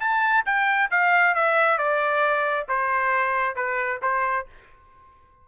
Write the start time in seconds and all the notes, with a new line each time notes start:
0.00 A5
0.45 G5
0.91 F5
1.35 E5
1.78 D5
2.68 C5
3.56 B4
4.02 C5